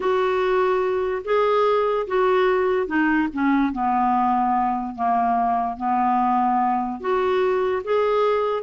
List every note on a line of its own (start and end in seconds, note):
0.00 1.22 F#4
1.24 2.06 G#4
2.07 2.87 F#4
2.87 3.28 D#4
3.33 3.72 C#4
3.72 4.95 B3
4.95 5.76 A#3
5.76 7.00 B3
7.00 7.82 F#4
7.84 8.63 G#4